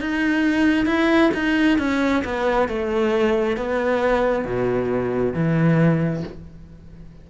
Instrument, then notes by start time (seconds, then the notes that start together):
cello
0.00 D#4
0.85 E4
1.34 D#4
1.78 C#4
2.24 B3
2.68 A3
3.57 B3
4.44 B2
5.33 E3